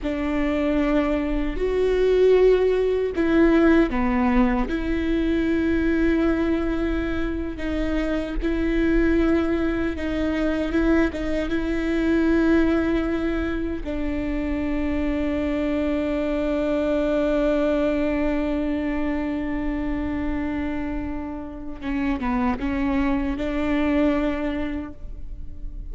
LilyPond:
\new Staff \with { instrumentName = "viola" } { \time 4/4 \tempo 4 = 77 d'2 fis'2 | e'4 b4 e'2~ | e'4.~ e'16 dis'4 e'4~ e'16~ | e'8. dis'4 e'8 dis'8 e'4~ e'16~ |
e'4.~ e'16 d'2~ d'16~ | d'1~ | d'1 | cis'8 b8 cis'4 d'2 | }